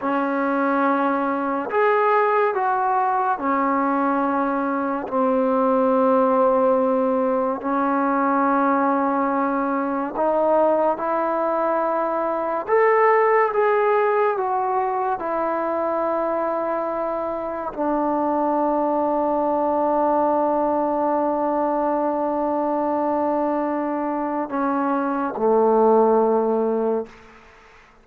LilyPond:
\new Staff \with { instrumentName = "trombone" } { \time 4/4 \tempo 4 = 71 cis'2 gis'4 fis'4 | cis'2 c'2~ | c'4 cis'2. | dis'4 e'2 a'4 |
gis'4 fis'4 e'2~ | e'4 d'2.~ | d'1~ | d'4 cis'4 a2 | }